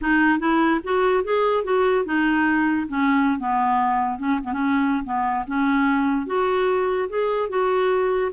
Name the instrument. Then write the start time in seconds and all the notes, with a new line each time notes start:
clarinet
0.01 D#4
0.39 E4
0.83 F#4
1.23 G#4
1.64 F#4
2.05 D#4
2.88 C#4
3.39 B3
4.18 C#4
4.43 B3
4.52 C#4
5.04 B3
5.47 C#4
6.26 F#4
7.09 G#4
7.49 F#4